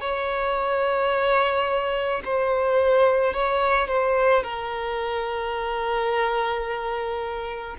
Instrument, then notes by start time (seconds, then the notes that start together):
violin
0.00 C#5
2.25 C5
3.33 C#5
3.88 C5
4.43 A#4